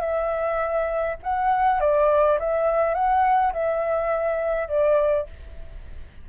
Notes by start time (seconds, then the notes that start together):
0.00 E5
1.23 F#5
1.80 D5
2.39 E5
2.94 F#5
3.53 E5
4.68 D5